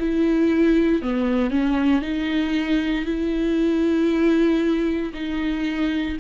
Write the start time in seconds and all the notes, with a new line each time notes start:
0.00 E4
1.02 B3
1.50 C#4
2.02 D#4
3.06 E4
5.14 D#4